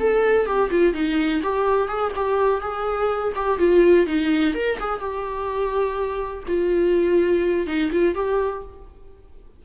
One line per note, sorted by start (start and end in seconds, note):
0.00 0.46 A4
0.46 0.70 G4
0.71 0.94 F4
0.94 1.42 D#4
1.43 1.88 G4
1.88 2.12 G#4
2.16 2.61 G4
2.61 3.33 G#4
3.36 3.59 G4
3.59 4.07 F4
4.07 4.54 D#4
4.54 4.78 A#4
4.80 5.00 G#4
5.00 6.44 G4
6.48 7.67 F4
7.67 7.91 D#4
7.92 8.15 F4
8.15 8.63 G4